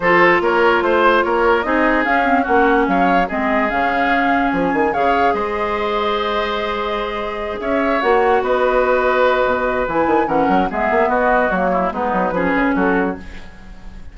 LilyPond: <<
  \new Staff \with { instrumentName = "flute" } { \time 4/4 \tempo 4 = 146 c''4 cis''4 c''4 cis''4 | dis''4 f''4 fis''4 f''4 | dis''4 f''2 gis''4 | f''4 dis''2.~ |
dis''2~ dis''8 e''4 fis''8~ | fis''8 dis''2.~ dis''8 | gis''4 fis''4 e''4 dis''4 | cis''4 b'2 a'4 | }
  \new Staff \with { instrumentName = "oboe" } { \time 4/4 a'4 ais'4 c''4 ais'4 | gis'2 fis'4 cis''4 | gis'1 | cis''4 c''2.~ |
c''2~ c''8 cis''4.~ | cis''8 b'2.~ b'8~ | b'4 ais'4 gis'4 fis'4~ | fis'8 e'8 dis'4 gis'4 fis'4 | }
  \new Staff \with { instrumentName = "clarinet" } { \time 4/4 f'1 | dis'4 cis'8 c'8 cis'2 | c'4 cis'2. | gis'1~ |
gis'2.~ gis'8 fis'8~ | fis'1 | e'4 cis'4 b2 | ais4 b4 cis'2 | }
  \new Staff \with { instrumentName = "bassoon" } { \time 4/4 f4 ais4 a4 ais4 | c'4 cis'4 ais4 fis4 | gis4 cis2 f8 dis8 | cis4 gis2.~ |
gis2~ gis8 cis'4 ais8~ | ais8 b2~ b8 b,4 | e8 dis8 e8 fis8 gis8 ais8 b4 | fis4 gis8 fis8 f8 cis8 fis4 | }
>>